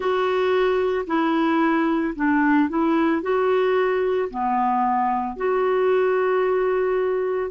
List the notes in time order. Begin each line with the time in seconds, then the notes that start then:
0.00 F#4
1.07 E4
2.15 D4
2.69 E4
3.21 F#4
4.30 B3
5.36 F#4